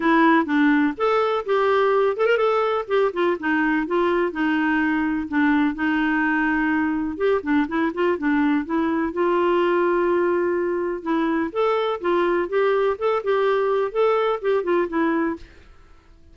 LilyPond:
\new Staff \with { instrumentName = "clarinet" } { \time 4/4 \tempo 4 = 125 e'4 d'4 a'4 g'4~ | g'8 a'16 ais'16 a'4 g'8 f'8 dis'4 | f'4 dis'2 d'4 | dis'2. g'8 d'8 |
e'8 f'8 d'4 e'4 f'4~ | f'2. e'4 | a'4 f'4 g'4 a'8 g'8~ | g'4 a'4 g'8 f'8 e'4 | }